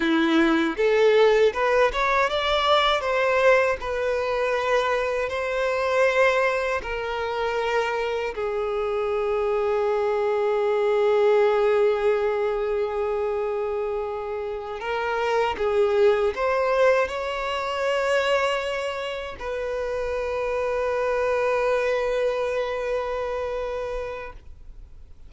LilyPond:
\new Staff \with { instrumentName = "violin" } { \time 4/4 \tempo 4 = 79 e'4 a'4 b'8 cis''8 d''4 | c''4 b'2 c''4~ | c''4 ais'2 gis'4~ | gis'1~ |
gis'2.~ gis'8 ais'8~ | ais'8 gis'4 c''4 cis''4.~ | cis''4. b'2~ b'8~ | b'1 | }